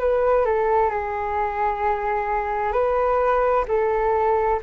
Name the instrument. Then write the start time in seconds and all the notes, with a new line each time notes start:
flute
0.00 B4
0.45 A4
0.90 G#4
2.73 B4
3.68 A4